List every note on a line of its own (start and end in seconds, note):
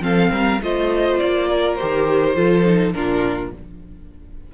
0.00 0.29 F3
0.00 0.59 C4
0.00 0.32 A4
0.00 0.61 F5
0.31 0.60 G3
0.31 0.61 A#4
0.62 1.20 A3
0.62 1.78 F4
0.62 1.48 C5
0.62 1.19 D#5
1.19 1.80 A#3
1.19 1.75 D5
1.48 2.36 A#4
1.75 2.35 G4
1.75 2.92 C5
1.82 2.35 D#3
2.35 2.94 F3
2.35 2.64 F4
2.35 2.94 A4
2.65 2.93 D#4
2.93 3.52 A#2
2.93 3.52 D4
2.93 3.54 F4
2.93 3.51 A#4